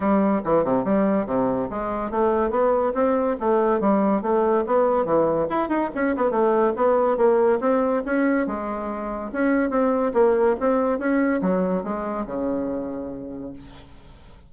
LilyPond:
\new Staff \with { instrumentName = "bassoon" } { \time 4/4 \tempo 4 = 142 g4 e8 c8 g4 c4 | gis4 a4 b4 c'4 | a4 g4 a4 b4 | e4 e'8 dis'8 cis'8 b8 a4 |
b4 ais4 c'4 cis'4 | gis2 cis'4 c'4 | ais4 c'4 cis'4 fis4 | gis4 cis2. | }